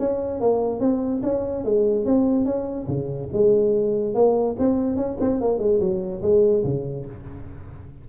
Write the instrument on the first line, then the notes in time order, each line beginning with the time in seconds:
tuba
0.00 C#4
0.41 A#3
0.81 C4
1.23 C#4
1.65 G#3
2.06 C4
2.46 C#4
2.88 C#3
3.33 G#3
4.15 A#3
4.59 C4
4.97 C#4
5.21 C4
5.41 A#3
5.59 G#3
5.80 F#3
6.23 G#3
6.65 C#3